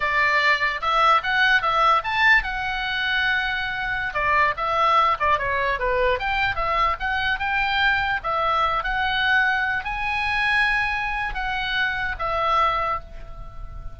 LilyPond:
\new Staff \with { instrumentName = "oboe" } { \time 4/4 \tempo 4 = 148 d''2 e''4 fis''4 | e''4 a''4 fis''2~ | fis''2~ fis''16 d''4 e''8.~ | e''8. d''8 cis''4 b'4 g''8.~ |
g''16 e''4 fis''4 g''4.~ g''16~ | g''16 e''4. fis''2~ fis''16~ | fis''16 gis''2.~ gis''8. | fis''2 e''2 | }